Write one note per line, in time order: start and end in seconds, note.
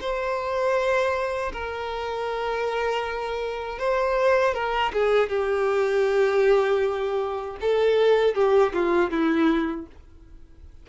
0.00 1.52 C5
1.53 3.79 A#4
3.79 4.54 C5
4.54 4.92 A#4
4.93 5.29 G#4
5.29 7.57 G4
7.61 8.35 A4
8.35 8.73 G4
8.73 9.10 F4
9.10 9.86 E4